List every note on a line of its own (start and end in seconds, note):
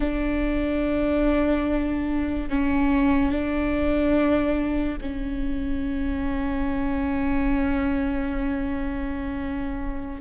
0.00 2.49 D4
2.49 3.31 C#4
3.31 4.98 D4
5.01 10.21 C#4